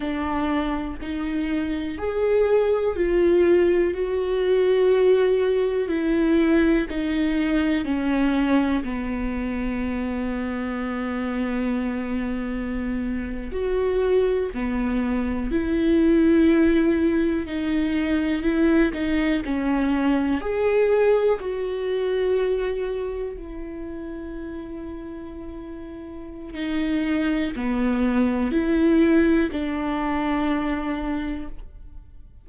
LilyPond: \new Staff \with { instrumentName = "viola" } { \time 4/4 \tempo 4 = 61 d'4 dis'4 gis'4 f'4 | fis'2 e'4 dis'4 | cis'4 b2.~ | b4.~ b16 fis'4 b4 e'16~ |
e'4.~ e'16 dis'4 e'8 dis'8 cis'16~ | cis'8. gis'4 fis'2 e'16~ | e'2. dis'4 | b4 e'4 d'2 | }